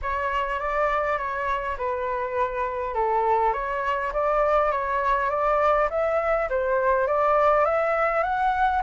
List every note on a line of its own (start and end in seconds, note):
0.02 0.59 C#5
0.59 1.18 D5
1.18 1.76 C#5
1.77 2.94 B4
2.94 3.53 A4
3.53 4.12 C#5
4.13 4.71 D5
4.71 5.29 C#5
5.29 5.88 D5
5.90 6.48 E5
6.49 7.07 C5
7.07 7.65 D5
7.65 8.23 E5
8.23 8.82 F#5